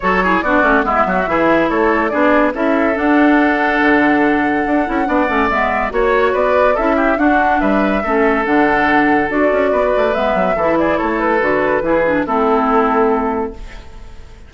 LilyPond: <<
  \new Staff \with { instrumentName = "flute" } { \time 4/4 \tempo 4 = 142 cis''4 d''4 e''2 | cis''4 d''4 e''4 fis''4~ | fis''1~ | fis''4 e''4 cis''4 d''4 |
e''4 fis''4 e''2 | fis''2 d''2 | e''4. d''8 cis''8 b'4.~ | b'4 a'2. | }
  \new Staff \with { instrumentName = "oboe" } { \time 4/4 a'8 gis'8 fis'4 e'8 fis'8 gis'4 | a'4 gis'4 a'2~ | a'1 | d''2 cis''4 b'4 |
a'8 g'8 fis'4 b'4 a'4~ | a'2. b'4~ | b'4 a'8 gis'8 a'2 | gis'4 e'2. | }
  \new Staff \with { instrumentName = "clarinet" } { \time 4/4 fis'8 e'8 d'8 cis'8 b4 e'4~ | e'4 d'4 e'4 d'4~ | d'2.~ d'8 e'8 | d'8 cis'8 b4 fis'2 |
e'4 d'2 cis'4 | d'2 fis'2 | b4 e'2 fis'4 | e'8 d'8 c'2. | }
  \new Staff \with { instrumentName = "bassoon" } { \time 4/4 fis4 b8 a8 gis8 fis8 e4 | a4 b4 cis'4 d'4~ | d'4 d2 d'8 cis'8 | b8 a8 gis4 ais4 b4 |
cis'4 d'4 g4 a4 | d2 d'8 cis'8 b8 a8 | gis8 fis8 e4 a4 d4 | e4 a2. | }
>>